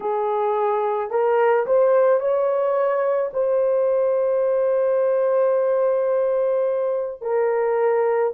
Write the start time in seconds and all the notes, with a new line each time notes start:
0.00 G#4
1.10 A#4
1.66 C5
2.19 C#5
3.33 C5
7.21 A#4